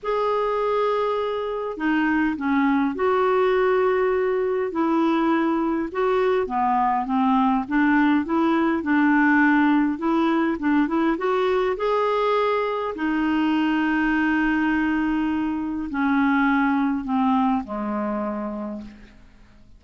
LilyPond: \new Staff \with { instrumentName = "clarinet" } { \time 4/4 \tempo 4 = 102 gis'2. dis'4 | cis'4 fis'2. | e'2 fis'4 b4 | c'4 d'4 e'4 d'4~ |
d'4 e'4 d'8 e'8 fis'4 | gis'2 dis'2~ | dis'2. cis'4~ | cis'4 c'4 gis2 | }